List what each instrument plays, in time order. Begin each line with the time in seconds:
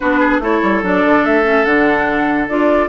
0.00 bassoon B3, clarinet D4, oboe F#4, flute B4
0.19 oboe G#4
0.39 bassoon A3, clarinet E4, oboe A4, flute C#5
0.62 bassoon G3
0.82 bassoon F#3, clarinet D4, flute D5
1.05 bassoon D3
1.24 bassoon A3, flute E5
1.44 clarinet C#4
1.65 bassoon D3, clarinet D4, flute F#5
2.48 bassoon D4, clarinet F4, flute D5